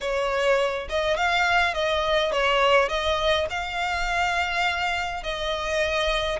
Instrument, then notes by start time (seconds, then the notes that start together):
violin
0.00 C#5
0.89 D#5
1.17 F5
1.73 D#5
2.31 C#5
2.88 D#5
3.50 F5
5.23 D#5